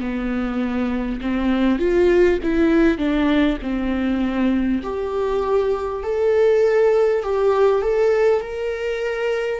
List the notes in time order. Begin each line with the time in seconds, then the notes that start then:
0.00 B3
1.21 C4
1.79 F4
2.43 E4
2.97 D4
3.62 C4
4.83 G4
6.03 A4
7.23 G4
7.81 A4
8.41 A#4